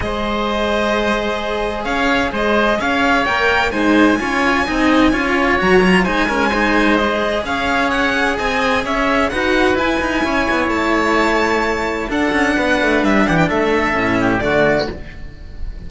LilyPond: <<
  \new Staff \with { instrumentName = "violin" } { \time 4/4 \tempo 4 = 129 dis''1 | f''4 dis''4 f''4 g''4 | gis''1 | ais''4 gis''2 dis''4 |
f''4 fis''4 gis''4 e''4 | fis''4 gis''2 a''4~ | a''2 fis''2 | e''8 fis''16 g''16 e''2 d''4 | }
  \new Staff \with { instrumentName = "oboe" } { \time 4/4 c''1 | cis''4 c''4 cis''2 | c''4 cis''4 dis''4 cis''4~ | cis''4 c''8 ais'8 c''2 |
cis''2 dis''4 cis''4 | b'2 cis''2~ | cis''2 a'4 b'4~ | b'8 g'8 a'4. g'8 fis'4 | }
  \new Staff \with { instrumentName = "cello" } { \time 4/4 gis'1~ | gis'2. ais'4 | dis'4 f'4 dis'4 f'4 | fis'8 f'8 dis'8 cis'8 dis'4 gis'4~ |
gis'1 | fis'4 e'2.~ | e'2 d'2~ | d'2 cis'4 a4 | }
  \new Staff \with { instrumentName = "cello" } { \time 4/4 gis1 | cis'4 gis4 cis'4 ais4 | gis4 cis'4 c'4 cis'4 | fis4 gis2. |
cis'2 c'4 cis'4 | dis'4 e'8 dis'8 cis'8 b8 a4~ | a2 d'8 cis'8 b8 a8 | g8 e8 a4 a,4 d4 | }
>>